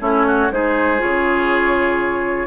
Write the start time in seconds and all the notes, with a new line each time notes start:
0.00 A3 C#4 E4 C#5
0.27 F#4
0.51 G#3 D#4 G#4 C5
0.98 C#3 F4 C#5